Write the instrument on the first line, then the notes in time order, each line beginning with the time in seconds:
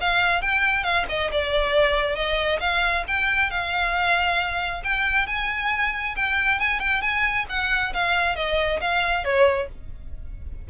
violin
0.00 F5
0.41 G5
0.83 F5
1.08 D#5
1.31 D5
2.15 D#5
2.60 F5
3.07 G5
3.50 F5
4.84 G5
5.27 G#5
6.16 G5
6.59 G#5
6.79 G5
7.01 G#5
7.49 F#5
7.93 F5
8.35 D#5
8.81 F5
9.24 C#5